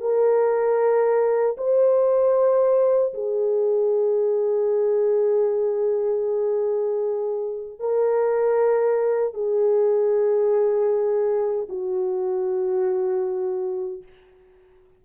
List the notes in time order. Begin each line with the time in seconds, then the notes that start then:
0.00 A#4
1.57 C5
3.13 G#4
7.79 A#4
9.33 G#4
11.69 F#4